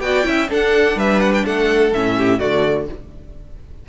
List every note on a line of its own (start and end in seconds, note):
0.00 0.24 B3
0.00 0.23 F#4
0.00 0.27 D5
0.00 0.48 G5
0.23 0.49 C#4
0.23 0.47 E4
0.23 0.49 E5
0.49 1.92 D4
0.49 0.95 D4
0.49 0.97 A4
0.49 0.99 F#5
0.95 1.43 G3
0.95 1.44 B4
0.95 1.20 E5
1.20 1.32 F#5
1.33 1.45 G5
1.44 1.93 A3
1.44 2.16 A4
1.44 1.92 F#5
1.92 2.40 A2
1.92 2.39 C#4
1.92 2.39 E5
2.17 2.38 G4
2.38 2.88 D3
2.38 2.87 A3
2.38 2.86 F#4
2.38 2.86 D5